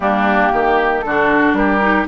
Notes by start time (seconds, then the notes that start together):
0.00 G3 A#3 D4 G4
0.52 D#3 G4
1.00 D3 F#4 A4
1.06 D4
1.52 G3 G4 A#4
1.81 D#4